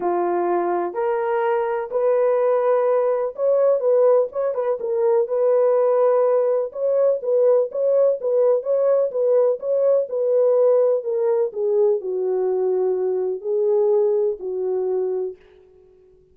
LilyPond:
\new Staff \with { instrumentName = "horn" } { \time 4/4 \tempo 4 = 125 f'2 ais'2 | b'2. cis''4 | b'4 cis''8 b'8 ais'4 b'4~ | b'2 cis''4 b'4 |
cis''4 b'4 cis''4 b'4 | cis''4 b'2 ais'4 | gis'4 fis'2. | gis'2 fis'2 | }